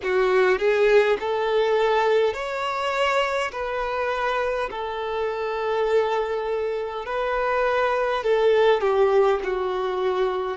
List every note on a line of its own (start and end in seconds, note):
0.02 0.58 F#4
0.58 1.17 G#4
1.20 2.33 A4
2.33 3.51 C#5
3.51 4.69 B4
4.70 7.05 A4
7.05 8.23 B4
8.24 8.80 A4
8.80 9.39 G4
9.43 10.57 F#4